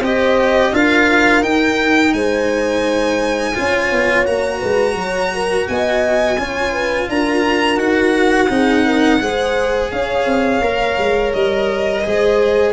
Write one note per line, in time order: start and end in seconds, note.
0.00 0.71 C4
0.00 0.73 G4
0.00 0.71 C5
0.00 0.75 D#5
0.73 1.43 D4
0.73 1.42 F4
0.73 2.15 A#4
0.73 1.43 F5
1.42 3.54 D#4
1.42 2.13 D#4
1.42 2.14 G5
2.13 3.54 G#3
2.13 3.56 C5
2.13 4.25 G#5
3.55 3.91 C#4
3.55 4.25 F4
3.55 4.59 C#5
3.91 4.27 B3
4.25 4.62 A#3
4.25 6.37 F#4
4.25 5.67 A#5
4.59 4.95 G#3
4.59 4.94 B4
4.95 5.65 F#3
4.95 5.33 C#5
5.34 5.69 A#4
5.68 6.38 B3
5.68 6.40 D#5
5.68 7.09 G#5
6.38 7.08 C#4
6.38 7.77 F4
6.38 6.73 C#5
6.73 7.08 B4
7.09 7.78 D4
7.09 8.51 A#4
7.09 7.79 A#5
7.77 8.48 D#4
7.77 8.47 F#4
7.77 9.91 F#5
8.49 9.21 C4
8.49 9.20 D#4
8.49 8.86 G#4
8.86 9.21 A#4
9.21 9.92 G#3
9.21 10.62 G#4
9.21 9.91 C5
9.91 10.26 C#4
9.91 12.03 C#5
9.91 11.33 F5
10.26 10.61 C4
10.61 10.96 A#3
10.61 12.03 A#4
10.98 11.34 G#3
11.33 12.05 G3
11.33 12.73 D#5
12.04 12.73 G#3
12.04 12.73 G#4
12.04 12.73 C5